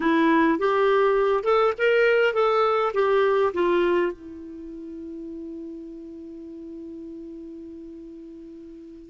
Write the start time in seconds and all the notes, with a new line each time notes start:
0.00 E4
0.58 G4
1.43 A4
1.78 A#4
2.33 A4
2.93 G4
3.53 F4
4.12 E4